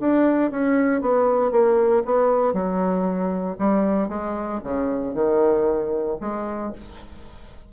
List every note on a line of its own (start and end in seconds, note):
0.00 0.51 D4
0.51 1.01 C#4
1.01 1.51 B3
1.51 2.02 A#3
2.05 2.53 B3
2.53 3.56 F#3
3.58 4.08 G3
4.08 4.60 G#3
4.64 5.14 C#3
5.14 6.17 D#3
6.20 6.72 G#3